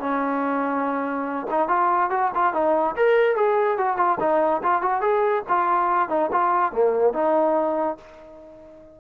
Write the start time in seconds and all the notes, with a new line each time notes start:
0.00 C#4
1.51 D#4
1.69 F4
2.11 F#4
2.35 F4
2.54 D#4
2.97 A#4
3.36 G#4
3.78 F#4
3.97 F4
4.20 D#4
4.63 F4
4.82 F#4
5.01 G#4
5.49 F4
6.09 D#4
6.32 F4
6.72 A#3
7.14 D#4